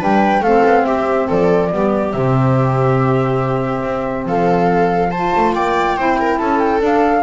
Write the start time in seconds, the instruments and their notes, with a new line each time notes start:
0.00 double bass G3, saxophone D4, viola B4, flute G5
0.41 double bass A3, saxophone C4, viola A4, flute F5
0.66 double bass B3
0.86 double bass C4, viola G4, flute E5
1.28 double bass F3, viola A4, flute D5
1.71 double bass G3, saxophone B3, viola G4
2.13 double bass C3, saxophone C4, flute E5
3.83 double bass C4
4.25 double bass F3, viola A4, flute F5
5.11 saxophone F4, viola C5, flute A5
5.37 double bass A3
5.54 double bass A#3, viola D5, flute G5
5.97 double bass C4, saxophone E4, viola C5
6.21 viola A#4
6.39 double bass C#4, viola A4, flute A5
6.60 flute G5
6.81 saxophone D4, double bass D4, flute F5